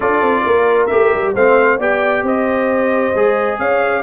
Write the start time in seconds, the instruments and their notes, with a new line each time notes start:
0.00 tuba D4, trombone F4, horn A4, trumpet D5
0.21 tuba C4
0.44 tuba A#3, horn A#4
0.86 tuba A3, trombone G4, trumpet E5
1.13 tuba G3
1.33 tuba A3, trombone C4, horn C5, trumpet F5
1.78 tuba B3, trombone G4, horn D5, trumpet G5
2.22 tuba C4, horn C5, trumpet D#5
3.14 tuba G#3, trombone G#4
3.58 tuba C#4, horn C#5, trumpet F5